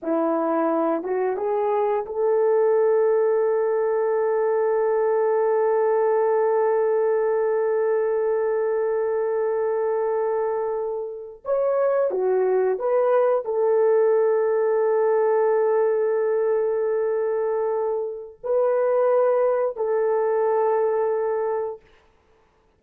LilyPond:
\new Staff \with { instrumentName = "horn" } { \time 4/4 \tempo 4 = 88 e'4. fis'8 gis'4 a'4~ | a'1~ | a'1~ | a'1~ |
a'8. cis''4 fis'4 b'4 a'16~ | a'1~ | a'2. b'4~ | b'4 a'2. | }